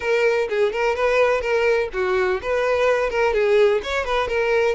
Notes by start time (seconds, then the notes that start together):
0.00 A#4
0.49 G#4
0.72 A#4
0.95 B4
1.41 A#4
1.93 F#4
2.42 B4
3.10 A#4
3.33 G#4
3.83 C#5
4.04 B4
4.28 A#4